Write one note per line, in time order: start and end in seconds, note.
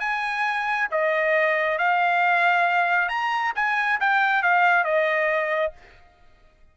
0.00 0.88 G#5
0.91 1.78 D#5
1.78 3.09 F5
3.09 3.53 A#5
3.56 4.00 G#5
4.01 4.43 G5
4.43 4.85 F5
4.85 5.73 D#5